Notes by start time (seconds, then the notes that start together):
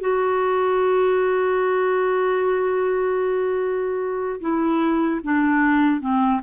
0.00 F#4
4.41 E4
5.24 D4
6.01 C4